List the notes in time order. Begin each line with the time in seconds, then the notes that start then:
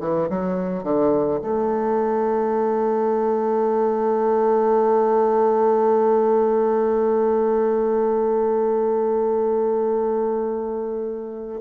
0.00 E3
0.29 F#3
0.83 D3
1.42 A3